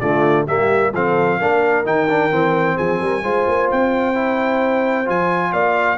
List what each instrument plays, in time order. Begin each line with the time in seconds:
0.00 tuba D3, trombone A3, horn F4, trumpet D5
0.45 tuba G3, trombone A#3, horn G4, trumpet E5
0.94 tuba F3, trombone C4, horn A4, trumpet F5
1.39 tuba A#3, trombone D4, horn A#4
1.85 tuba D#3, trombone D#4, trumpet G5
2.09 trombone D4
2.31 tuba E3, trombone C4
2.77 tuba F3, horn G#4, trumpet G#5
3.00 tuba G3, horn A#4
3.23 tuba G#3, trombone F4, horn C5
3.48 tuba A#3
3.72 tuba C4, trumpet G5
4.15 trombone E4
5.06 tuba F3, trombone F4, trumpet G#5
5.52 tuba A#3, horn D5, trumpet F5